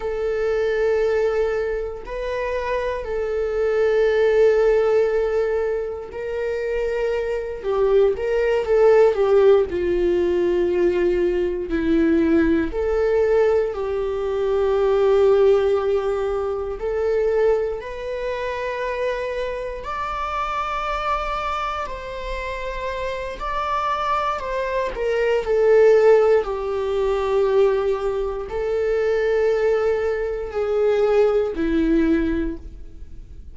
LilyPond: \new Staff \with { instrumentName = "viola" } { \time 4/4 \tempo 4 = 59 a'2 b'4 a'4~ | a'2 ais'4. g'8 | ais'8 a'8 g'8 f'2 e'8~ | e'8 a'4 g'2~ g'8~ |
g'8 a'4 b'2 d''8~ | d''4. c''4. d''4 | c''8 ais'8 a'4 g'2 | a'2 gis'4 e'4 | }